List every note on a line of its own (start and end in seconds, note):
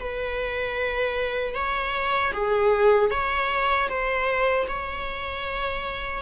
0.00 1.55 B4
1.55 2.33 C#5
2.33 3.11 G#4
3.11 3.89 C#5
3.89 4.67 C5
4.69 6.22 C#5